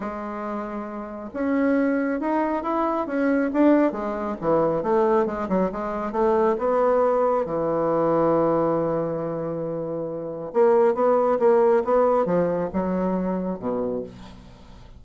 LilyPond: \new Staff \with { instrumentName = "bassoon" } { \time 4/4 \tempo 4 = 137 gis2. cis'4~ | cis'4 dis'4 e'4 cis'4 | d'4 gis4 e4 a4 | gis8 fis8 gis4 a4 b4~ |
b4 e2.~ | e1 | ais4 b4 ais4 b4 | f4 fis2 b,4 | }